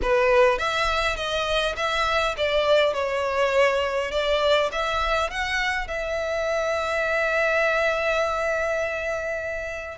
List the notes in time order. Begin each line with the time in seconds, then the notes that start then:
0.02 B4
0.58 E5
1.16 D#5
1.76 E5
2.37 D5
2.93 C#5
4.11 D5
4.71 E5
5.30 F#5
5.87 E5